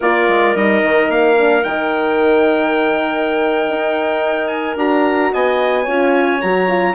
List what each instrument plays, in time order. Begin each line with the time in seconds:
0.00 bassoon A#3, horn F4, clarinet A#4, trumpet D5
0.28 bassoon G#3
0.55 bassoon G3, horn D#4, trumpet D#5
0.82 bassoon D#3
1.09 bassoon A#3, trumpet F5
1.37 horn D4
1.63 bassoon D#3, horn D#4, trumpet G5
3.68 bassoon D#4
4.47 trumpet G#5
4.76 bassoon D4, horn F#4, trumpet A#5
5.32 bassoon B3, clarinet D#5, trumpet G#5
5.83 bassoon C#4, horn F4, clarinet C#5
6.41 bassoon F#3, horn F#4, trumpet A#5
6.68 horn F4